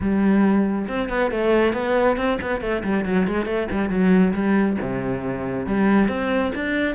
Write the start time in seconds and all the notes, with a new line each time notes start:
0.00 G3
0.88 C4
1.09 B3
1.31 A3
1.73 B3
2.16 C4
2.41 B3
2.61 A3
2.83 G3
3.05 F#3
3.27 G#3
3.45 A3
3.71 G3
3.89 F#3
4.33 G3
4.81 C3
5.66 G3
6.08 C4
6.54 D4